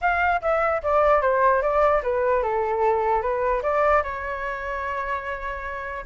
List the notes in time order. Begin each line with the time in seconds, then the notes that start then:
0.01 F5
0.41 E5
0.82 D5
1.21 C5
1.61 D5
2.02 B4
2.42 A4
3.21 B4
3.62 D5
4.03 C#5